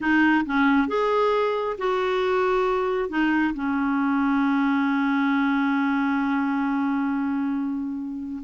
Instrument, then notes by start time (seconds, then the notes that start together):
clarinet
0.00 D#4
0.45 C#4
0.87 G#4
1.78 F#4
3.09 D#4
3.54 C#4